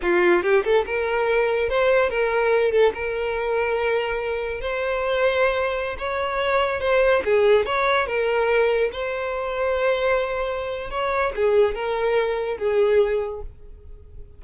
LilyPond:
\new Staff \with { instrumentName = "violin" } { \time 4/4 \tempo 4 = 143 f'4 g'8 a'8 ais'2 | c''4 ais'4. a'8 ais'4~ | ais'2. c''4~ | c''2~ c''16 cis''4.~ cis''16~ |
cis''16 c''4 gis'4 cis''4 ais'8.~ | ais'4~ ais'16 c''2~ c''8.~ | c''2 cis''4 gis'4 | ais'2 gis'2 | }